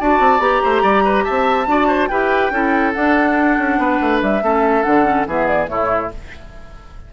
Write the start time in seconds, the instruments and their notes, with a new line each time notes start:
0.00 bassoon D4, clarinet F#4, oboe D5, flute A5
0.19 bassoon C4
0.39 bassoon B3, clarinet G4, flute A#5
0.63 bassoon A3, oboe C5
0.82 bassoon G3, oboe D5
1.05 oboe B4
1.24 bassoon C4, oboe E5, flute A5
1.67 bassoon D4, clarinet F#4, oboe D5
1.87 oboe C5
2.08 bassoon E4, clarinet G4, oboe B4, flute G5
2.51 bassoon C#4, clarinet E4, oboe A4
2.93 clarinet D4, bassoon D4, flute F#5
3.58 bassoon C#4
3.78 bassoon B3, oboe B4
4.01 bassoon A3
4.22 bassoon G3, flute E5
4.42 bassoon A3, clarinet C#4, oboe A4
4.83 bassoon D3, clarinet D4, flute F#5
5.04 clarinet C#4
5.26 bassoon E3, clarinet B3, oboe G#4, flute E5
5.47 flute D5
5.67 bassoon A2, clarinet A3, oboe E4, flute C#5